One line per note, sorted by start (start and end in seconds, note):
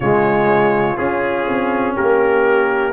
0.00 0.96 C#3
0.00 0.96 G#3
0.00 1.94 F4
0.00 0.97 C#5
0.96 2.93 C#4
0.96 1.47 C#4
0.96 1.95 G#4
1.47 1.96 C4
1.94 2.93 A#3
1.94 2.92 G4
1.94 2.93 A#4